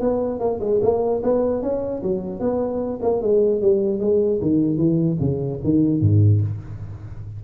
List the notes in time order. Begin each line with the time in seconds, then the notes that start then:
0.00 B3
0.40 A#3
0.60 G#3
0.82 A#3
1.23 B3
1.62 C#4
2.03 F#3
2.40 B3
3.02 A#3
3.22 G#3
3.61 G3
3.99 G#3
4.41 D#3
4.77 E3
5.20 C#3
5.64 D#3
6.01 G#2